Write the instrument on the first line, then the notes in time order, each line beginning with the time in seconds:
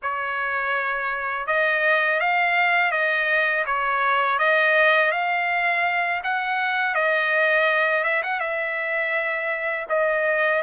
trumpet
0.02 C#5
1.46 D#5
2.20 F5
2.91 D#5
3.66 C#5
4.38 D#5
5.11 F5
6.23 F#5
6.94 D#5
8.04 E5
8.22 F#5
8.40 E5
9.89 D#5